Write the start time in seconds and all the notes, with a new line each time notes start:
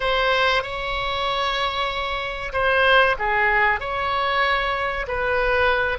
0.00 C5
0.63 C#5
2.52 C5
3.18 G#4
3.80 C#5
5.07 B4